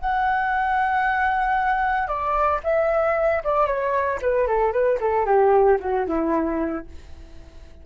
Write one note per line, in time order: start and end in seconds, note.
0.00 2.07 F#5
2.07 2.60 D5
2.63 3.42 E5
3.44 3.66 D5
3.66 4.19 C#5
4.21 4.47 B4
4.47 4.72 A4
4.72 4.98 B4
5.00 5.25 A4
5.25 5.78 G4
5.79 6.06 F#4
6.06 6.85 E4